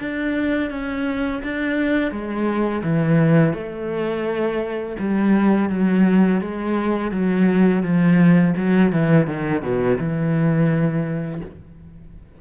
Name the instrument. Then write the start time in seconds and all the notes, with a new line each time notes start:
cello
0.00 D4
0.70 C#4
1.43 D4
2.11 G#3
2.83 E3
3.54 A3
4.99 G3
5.69 F#3
6.41 G#3
7.12 F#3
7.83 F3
8.57 F#3
8.92 E3
9.27 D#3
9.62 B2
9.98 E3